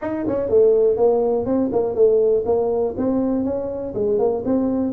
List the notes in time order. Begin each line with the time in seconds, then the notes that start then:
0.01 D#4
0.27 C#4
0.49 A3
0.96 A#3
1.45 C4
1.72 A#3
1.94 A3
2.45 A#3
2.97 C4
3.44 C#4
3.94 G#3
4.18 A#3
4.45 C4